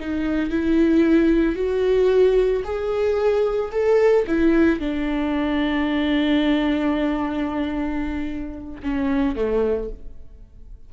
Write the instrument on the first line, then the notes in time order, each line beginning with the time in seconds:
viola
0.00 D#4
0.50 E4
1.56 F#4
2.64 G#4
3.72 A4
4.27 E4
4.80 D4
8.83 C#4
9.36 A3